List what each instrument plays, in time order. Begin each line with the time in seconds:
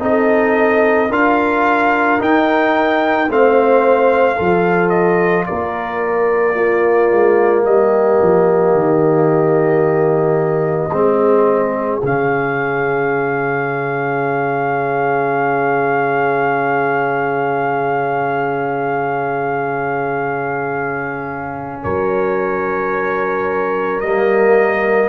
0.00 tuba C4, trombone D#4, horn A4, trumpet D#5
1.10 tuba D4, trombone F4, horn A#4, trumpet F5
2.20 trombone D#4, tuba D#4, trumpet G5
3.29 tuba A3, trombone C4, horn C5, trumpet F5
4.36 tuba F3, trombone F4, horn A4
4.90 trumpet D#5
5.46 tuba A#3, horn A#4, trumpet D5
6.55 trombone A#3, horn F4
7.12 tuba G#3
7.65 tuba G3, horn G4, trumpet D#5
8.23 tuba F3
8.74 tuba D#3
10.91 tuba G#3, trombone C4, horn G#4
12.03 tuba C#3, trombone C#4, trumpet F5
21.83 tuba F#3, horn A#4, trumpet C#5
24.01 tuba G3, trombone A#3, trumpet D#5